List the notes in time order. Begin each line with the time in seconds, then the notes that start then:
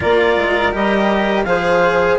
0.00 A#3 F4 A#4 D5
0.36 G#3
0.71 G3 G4 D#5
1.43 F3 G#4 C5 F5